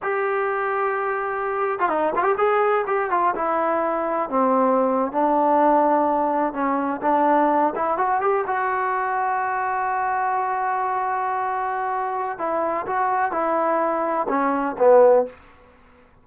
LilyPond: \new Staff \with { instrumentName = "trombone" } { \time 4/4 \tempo 4 = 126 g'2.~ g'8. f'16 | dis'8 f'16 g'16 gis'4 g'8 f'8 e'4~ | e'4 c'4.~ c'16 d'4~ d'16~ | d'4.~ d'16 cis'4 d'4~ d'16~ |
d'16 e'8 fis'8 g'8 fis'2~ fis'16~ | fis'1~ | fis'2 e'4 fis'4 | e'2 cis'4 b4 | }